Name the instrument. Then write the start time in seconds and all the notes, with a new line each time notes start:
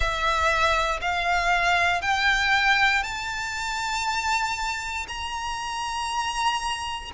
violin
0.00 E5
1.01 F5
2.01 G5
3.03 A5
5.08 A#5